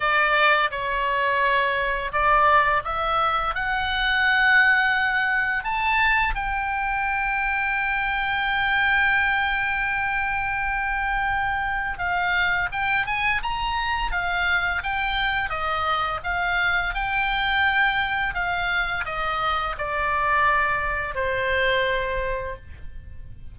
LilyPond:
\new Staff \with { instrumentName = "oboe" } { \time 4/4 \tempo 4 = 85 d''4 cis''2 d''4 | e''4 fis''2. | a''4 g''2.~ | g''1~ |
g''4 f''4 g''8 gis''8 ais''4 | f''4 g''4 dis''4 f''4 | g''2 f''4 dis''4 | d''2 c''2 | }